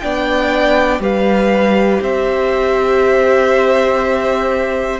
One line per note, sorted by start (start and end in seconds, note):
0.00 0.99 B3
0.00 1.00 D4
0.00 1.02 D5
0.00 1.00 G5
0.99 1.99 G3
0.99 5.00 G4
0.99 2.02 B4
0.99 2.03 F5
2.01 5.00 C4
2.01 5.00 C5
2.01 5.00 E5